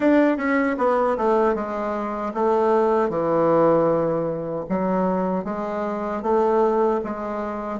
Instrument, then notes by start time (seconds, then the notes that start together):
bassoon
0.00 D4
0.37 C#4
0.77 B3
1.17 A3
1.54 G#3
2.34 A3
3.09 E3
4.69 F#3
5.44 G#3
6.22 A3
7.03 G#3